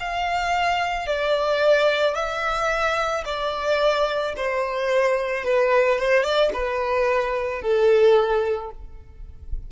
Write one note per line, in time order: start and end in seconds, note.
0.00 1.07 F5
1.07 2.16 D5
2.16 3.25 E5
3.25 4.34 D5
4.37 5.45 C5
5.45 6.00 B4
6.00 6.24 C5
6.24 6.51 D5
6.54 7.62 B4
7.62 8.71 A4